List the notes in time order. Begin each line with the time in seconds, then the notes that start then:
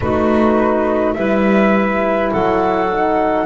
0.00 A3 D#4 F#4 B4
1.13 G3 E4 B4 E5
2.31 F#3 A4 F#5
2.91 D#4